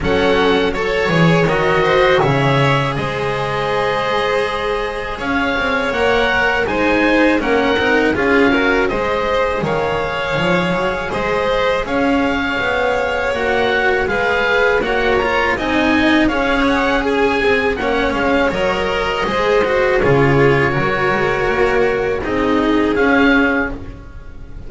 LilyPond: <<
  \new Staff \with { instrumentName = "oboe" } { \time 4/4 \tempo 4 = 81 fis''4 cis''4 dis''4 e''4 | dis''2. f''4 | fis''4 gis''4 fis''4 f''4 | dis''4 f''2 dis''4 |
f''2 fis''4 f''4 | fis''8 ais''8 gis''4 f''8 fis''8 gis''4 | fis''8 f''8 dis''2 cis''4~ | cis''2 dis''4 f''4 | }
  \new Staff \with { instrumentName = "violin" } { \time 4/4 a'4 cis''4. c''8 cis''4 | c''2. cis''4~ | cis''4 c''4 ais'4 gis'8 ais'8 | c''4 cis''2 c''4 |
cis''2. b'4 | cis''4 dis''4 cis''4 gis'4 | cis''2 c''4 gis'4 | ais'2 gis'2 | }
  \new Staff \with { instrumentName = "cello" } { \time 4/4 cis'4 a'8 gis'8 fis'4 gis'4~ | gis'1 | ais'4 dis'4 cis'8 dis'8 f'8 fis'8 | gis'1~ |
gis'2 fis'4 gis'4 | fis'8 f'8 dis'4 gis'2 | cis'4 ais'4 gis'8 fis'8 f'4 | fis'2 dis'4 cis'4 | }
  \new Staff \with { instrumentName = "double bass" } { \time 4/4 fis4. e8 dis4 cis4 | gis2. cis'8 c'8 | ais4 gis4 ais8 c'8 cis'4 | gis4 dis4 f8 fis8 gis4 |
cis'4 b4 ais4 gis4 | ais4 c'4 cis'4. c'8 | ais8 gis8 fis4 gis4 cis4 | fis8 gis8 ais4 c'4 cis'4 | }
>>